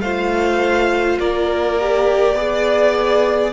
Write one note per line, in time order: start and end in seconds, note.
0.00 1.18 A3
0.00 1.79 F4
0.00 1.19 C5
0.00 1.18 F5
1.19 2.35 A#3
1.19 2.36 A#4
1.19 3.53 D5
1.79 2.37 G4
2.35 3.52 B3
2.35 3.53 G#4
2.35 3.53 D5